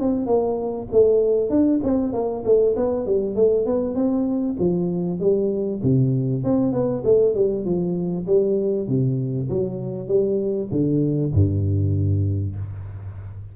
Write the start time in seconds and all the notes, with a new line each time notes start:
0.00 C4
0.26 A#3
0.92 A3
1.50 D4
1.83 C4
2.13 A#3
2.45 A3
2.76 B3
3.06 G3
3.35 A3
3.66 B3
3.95 C4
4.59 F3
5.20 G3
5.83 C3
6.44 C4
6.72 B3
7.05 A3
7.34 G3
7.65 F3
8.27 G3
8.87 C3
9.49 F#3
10.08 G3
10.71 D3
11.33 G2